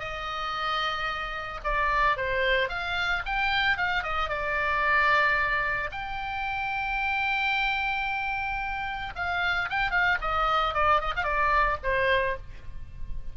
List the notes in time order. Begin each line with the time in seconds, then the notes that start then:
0.00 D#5
1.64 D5
2.17 C5
2.69 F5
3.26 G5
3.78 F5
4.03 D#5
4.30 D5
5.92 G5
9.16 F5
9.70 G5
9.91 F5
10.22 D#5
10.75 D5
11.01 D#5
11.16 F5
11.24 D5
11.83 C5